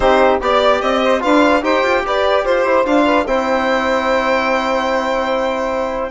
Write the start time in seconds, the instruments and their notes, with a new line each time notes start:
0.00 bassoon C4, trombone D#4, saxophone G4, violin C5
0.40 bassoon B3, trombone G4, saxophone D5, violin D5
0.81 bassoon C4, violin D#5
1.02 saxophone C5
1.20 bassoon D4, trombone F4, saxophone B4, violin F5
1.61 bassoon D#4, trombone G4, saxophone C5, violin G5
1.82 bassoon F4
2.04 bassoon G4, saxophone B4, violin D5
2.43 bassoon F4, saxophone C5, violin C5
2.64 bassoon E4
2.84 bassoon D4, trombone F4, violin F5
3.05 saxophone B4
3.26 bassoon C4, trombone E4, saxophone C5, violin G5